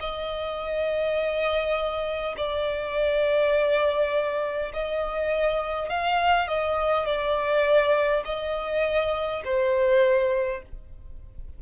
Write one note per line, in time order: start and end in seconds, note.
0.00 2.35 D#5
2.37 4.72 D5
4.73 5.89 D#5
5.89 6.48 F5
6.48 7.06 D#5
7.06 8.24 D5
8.25 9.42 D#5
9.44 10.62 C5